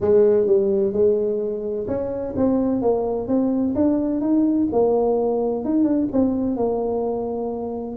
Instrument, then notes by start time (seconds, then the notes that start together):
tuba
0.01 G#3
0.46 G3
0.93 G#3
1.87 C#4
2.36 C4
2.81 A#3
3.27 C4
3.75 D4
4.20 D#4
4.72 A#3
5.64 D#4
5.84 D4
6.12 C4
6.56 A#3